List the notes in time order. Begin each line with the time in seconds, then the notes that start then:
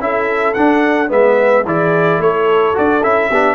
0.00 C#4 E4 A4 E5
0.54 D4 F#5
1.09 G#3 B3 B4 E5
1.65 E3 E4 G#4 D5
2.19 A3 A4 C#5
2.74 D4 F#4 D5
3.03 C#4 E4 E5
3.31 B3 D4 G4